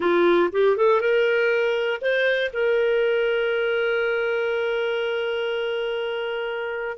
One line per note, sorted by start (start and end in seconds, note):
0.00 0.50 F4
0.52 0.76 G4
0.76 1.00 A4
1.00 2.00 A#4
2.01 2.51 C5
2.52 6.97 A#4